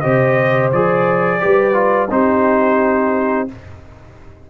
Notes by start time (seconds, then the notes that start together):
0.00 C3 G4 C5 D#5
0.72 F3 G#4 D5
1.40 G3 G4 B4
1.74 F4
2.10 C4 D#4 G4 C5